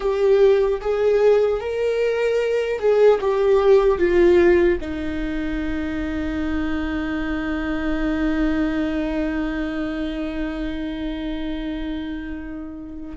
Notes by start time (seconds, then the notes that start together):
0.00 G4
0.80 G#4
1.60 A#4
2.79 G#4
3.20 G4
3.98 F4
4.80 D#4